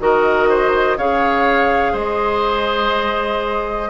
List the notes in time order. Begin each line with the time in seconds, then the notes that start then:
0.00 D#3 F#4 A#4 D#5
0.50 C5
0.98 C#3 G#4 C#5 F5
1.93 G#3 C5 D#5